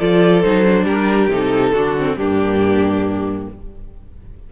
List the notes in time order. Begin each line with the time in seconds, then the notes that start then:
0.00 F3 F4 A4 D5
0.42 F#3 D#4 C5
0.64 D4
0.85 G3 G4 A#4
1.28 C3 D#4 A4
1.73 D3 D4 F#4
1.98 C4
2.16 G2 A#3 D4 G4